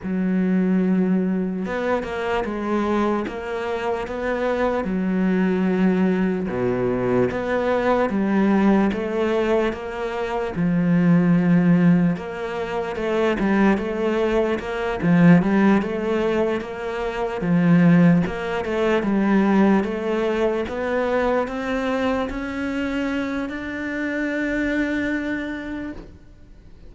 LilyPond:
\new Staff \with { instrumentName = "cello" } { \time 4/4 \tempo 4 = 74 fis2 b8 ais8 gis4 | ais4 b4 fis2 | b,4 b4 g4 a4 | ais4 f2 ais4 |
a8 g8 a4 ais8 f8 g8 a8~ | a8 ais4 f4 ais8 a8 g8~ | g8 a4 b4 c'4 cis'8~ | cis'4 d'2. | }